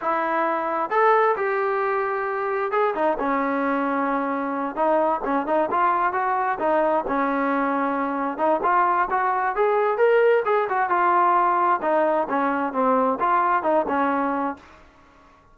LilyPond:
\new Staff \with { instrumentName = "trombone" } { \time 4/4 \tempo 4 = 132 e'2 a'4 g'4~ | g'2 gis'8 dis'8 cis'4~ | cis'2~ cis'8 dis'4 cis'8 | dis'8 f'4 fis'4 dis'4 cis'8~ |
cis'2~ cis'8 dis'8 f'4 | fis'4 gis'4 ais'4 gis'8 fis'8 | f'2 dis'4 cis'4 | c'4 f'4 dis'8 cis'4. | }